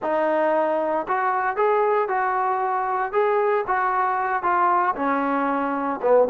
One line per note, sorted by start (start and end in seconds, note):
0.02 1.06 D#4
1.07 1.56 F#4
1.56 2.08 G#4
2.08 3.12 F#4
3.12 3.64 G#4
3.67 4.42 F#4
4.42 4.94 F4
4.95 6.00 C#4
6.01 6.28 B3